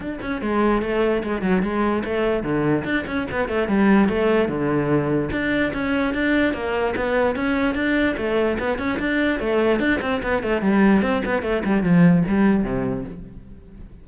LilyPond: \new Staff \with { instrumentName = "cello" } { \time 4/4 \tempo 4 = 147 d'8 cis'8 gis4 a4 gis8 fis8 | gis4 a4 d4 d'8 cis'8 | b8 a8 g4 a4 d4~ | d4 d'4 cis'4 d'4 |
ais4 b4 cis'4 d'4 | a4 b8 cis'8 d'4 a4 | d'8 c'8 b8 a8 g4 c'8 b8 | a8 g8 f4 g4 c4 | }